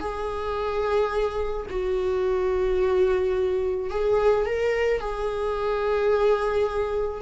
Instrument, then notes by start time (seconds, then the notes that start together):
viola
0.00 G#4
1.70 F#4
3.90 G#4
4.46 A#4
5.00 G#4